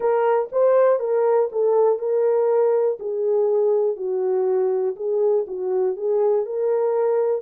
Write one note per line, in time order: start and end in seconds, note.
0.00 0.49 A#4
0.52 0.99 C5
0.99 1.49 A#4
1.51 1.98 A4
1.98 2.98 A#4
2.99 3.96 G#4
3.96 4.95 F#4
4.96 5.45 G#4
5.47 5.96 F#4
5.96 6.45 G#4
6.45 7.41 A#4